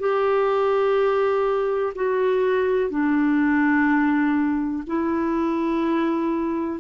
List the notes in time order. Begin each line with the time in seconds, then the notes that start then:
0.00 G4
1.95 F#4
2.90 D4
4.87 E4